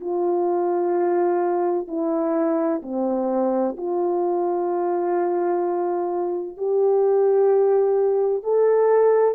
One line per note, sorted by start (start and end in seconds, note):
0.00 1.87 F4
1.87 2.81 E4
2.82 3.76 C4
3.77 6.57 F4
6.57 8.43 G4
8.43 9.35 A4